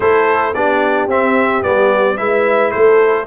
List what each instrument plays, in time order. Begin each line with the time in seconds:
0.00 tuba A3, trombone E4, horn A4, trumpet C5
0.54 tuba B3, trombone D4, horn G4, trumpet D5
1.07 tuba C4, trombone C4, trumpet E5
1.62 tuba G3, trombone B3, trumpet D5
2.17 tuba G#3, trombone E4, horn B4, trumpet E5
2.71 tuba A3, horn A4, trumpet C5